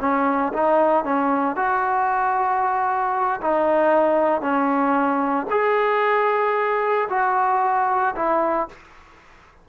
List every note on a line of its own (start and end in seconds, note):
0.00 0.53 C#4
0.53 1.04 D#4
1.04 1.56 C#4
1.56 3.40 F#4
3.41 4.41 D#4
4.41 5.46 C#4
5.50 7.08 G#4
7.10 8.15 F#4
8.16 8.68 E4